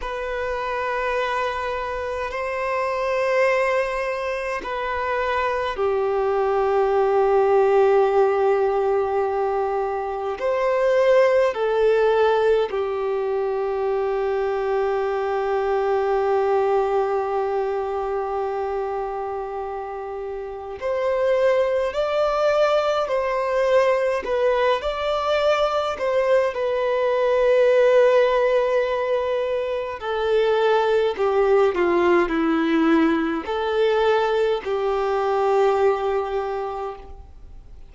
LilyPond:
\new Staff \with { instrumentName = "violin" } { \time 4/4 \tempo 4 = 52 b'2 c''2 | b'4 g'2.~ | g'4 c''4 a'4 g'4~ | g'1~ |
g'2 c''4 d''4 | c''4 b'8 d''4 c''8 b'4~ | b'2 a'4 g'8 f'8 | e'4 a'4 g'2 | }